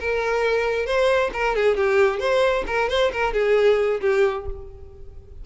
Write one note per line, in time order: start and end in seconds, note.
0.00 0.86 A#4
0.86 1.30 C5
1.33 1.55 A#4
1.55 1.77 G#4
1.77 2.19 G4
2.19 2.64 C5
2.67 2.89 A#4
2.89 3.11 C5
3.12 3.33 A#4
3.33 4.00 G#4
4.01 4.46 G4